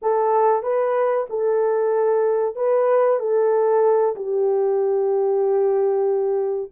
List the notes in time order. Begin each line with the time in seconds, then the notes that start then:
0.02 A4
0.62 B4
1.29 A4
2.55 B4
3.19 A4
4.15 G4